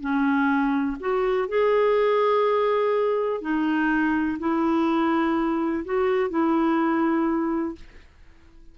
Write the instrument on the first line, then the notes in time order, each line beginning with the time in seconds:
clarinet
0.00 C#4
0.99 F#4
1.48 G#4
3.41 D#4
4.39 E4
5.84 F#4
6.30 E4